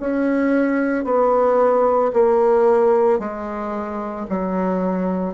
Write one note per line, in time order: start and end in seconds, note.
0.00 1.04 C#4
1.04 2.11 B3
2.13 3.19 A#3
3.19 4.26 G#3
4.29 5.34 F#3